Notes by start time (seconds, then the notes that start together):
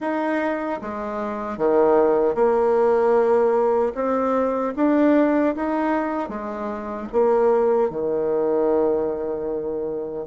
0.00 D#4
0.81 G#3
1.57 D#3
2.34 A#3
3.94 C4
4.76 D4
5.55 D#4
6.28 G#3
7.12 A#3
7.89 D#3